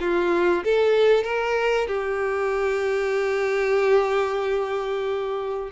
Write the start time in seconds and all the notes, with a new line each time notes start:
0.00 F4
0.64 A4
1.24 A#4
1.87 G4